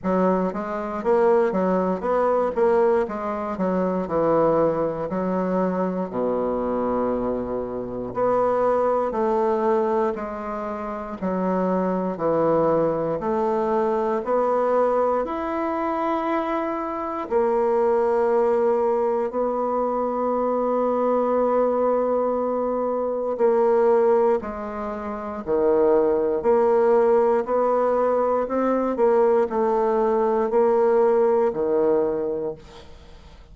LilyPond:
\new Staff \with { instrumentName = "bassoon" } { \time 4/4 \tempo 4 = 59 fis8 gis8 ais8 fis8 b8 ais8 gis8 fis8 | e4 fis4 b,2 | b4 a4 gis4 fis4 | e4 a4 b4 e'4~ |
e'4 ais2 b4~ | b2. ais4 | gis4 dis4 ais4 b4 | c'8 ais8 a4 ais4 dis4 | }